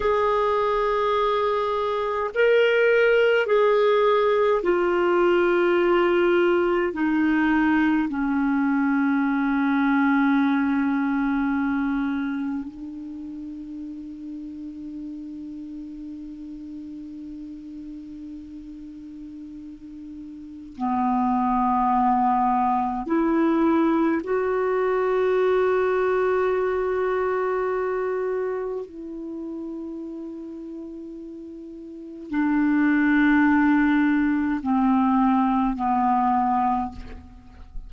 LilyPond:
\new Staff \with { instrumentName = "clarinet" } { \time 4/4 \tempo 4 = 52 gis'2 ais'4 gis'4 | f'2 dis'4 cis'4~ | cis'2. d'4~ | d'1~ |
d'2 b2 | e'4 fis'2.~ | fis'4 e'2. | d'2 c'4 b4 | }